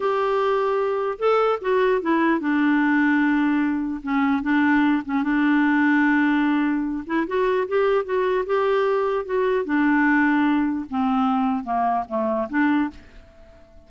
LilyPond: \new Staff \with { instrumentName = "clarinet" } { \time 4/4 \tempo 4 = 149 g'2. a'4 | fis'4 e'4 d'2~ | d'2 cis'4 d'4~ | d'8 cis'8 d'2.~ |
d'4. e'8 fis'4 g'4 | fis'4 g'2 fis'4 | d'2. c'4~ | c'4 ais4 a4 d'4 | }